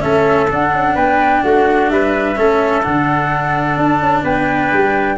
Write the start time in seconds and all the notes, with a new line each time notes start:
0.00 A3 C#4 A4 E5
0.50 D4 F#5
0.74 C#4
0.95 B3 B4 G5
1.43 A3 F#4 F#5
1.90 G3 B4 E5
2.36 A3 C#4 A4
2.83 D3 D4 F#5
3.77 D4 A5
4.00 C#4
4.24 B3 B4 G5
4.73 G3